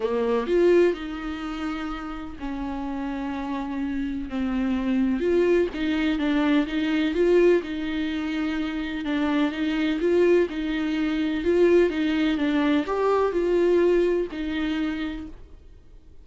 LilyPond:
\new Staff \with { instrumentName = "viola" } { \time 4/4 \tempo 4 = 126 ais4 f'4 dis'2~ | dis'4 cis'2.~ | cis'4 c'2 f'4 | dis'4 d'4 dis'4 f'4 |
dis'2. d'4 | dis'4 f'4 dis'2 | f'4 dis'4 d'4 g'4 | f'2 dis'2 | }